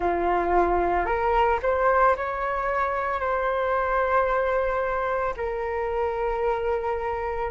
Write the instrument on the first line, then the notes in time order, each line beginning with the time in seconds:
flute
0.00 F4
1.05 A#4
1.62 C5
2.16 C#5
3.19 C5
5.36 A#4